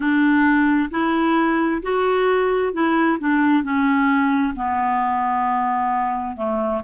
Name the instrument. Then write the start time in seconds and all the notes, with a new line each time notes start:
clarinet
0.00 D4
0.90 E4
1.82 F#4
2.73 E4
3.19 D4
3.63 C#4
4.55 B3
6.36 A3